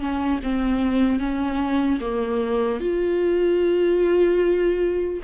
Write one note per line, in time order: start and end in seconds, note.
0.00 0.40 C#4
0.44 1.20 C4
1.20 2.00 C#4
2.01 2.81 A#3
2.81 5.21 F4